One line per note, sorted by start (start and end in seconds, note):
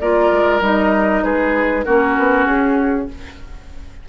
0.00 0.32 A#3
0.00 0.62 F4
0.00 1.24 A#4
0.00 0.62 D5
0.32 0.61 G#3
0.61 1.23 G3
0.61 1.86 D#4
0.61 1.24 D#5
1.24 1.86 G#3
1.24 1.85 G#4
1.24 1.85 B4
1.85 2.18 A#3
1.85 3.09 C#4
1.85 3.09 F#4
1.85 2.47 A#4
2.18 2.46 B3
2.46 3.08 C#4
2.46 3.09 G#4